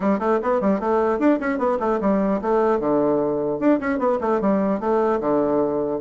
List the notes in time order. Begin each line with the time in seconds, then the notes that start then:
0.00 G3
0.19 A3
0.42 B3
0.60 G3
0.80 A3
1.19 D4
1.39 C#4
1.58 B3
1.79 A3
2.00 G3
2.41 A3
2.79 D3
3.59 D4
3.80 C#4
3.99 B3
4.21 A3
4.40 G3
4.80 A3
5.20 D3